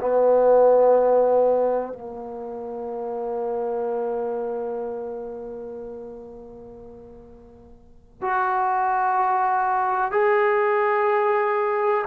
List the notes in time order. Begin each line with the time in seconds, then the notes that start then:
0.00 B3
1.93 A#3
8.22 F#4
10.12 G#4